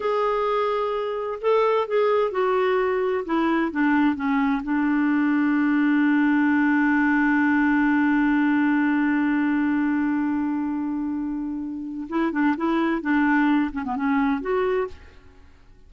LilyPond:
\new Staff \with { instrumentName = "clarinet" } { \time 4/4 \tempo 4 = 129 gis'2. a'4 | gis'4 fis'2 e'4 | d'4 cis'4 d'2~ | d'1~ |
d'1~ | d'1~ | d'2 e'8 d'8 e'4 | d'4. cis'16 b16 cis'4 fis'4 | }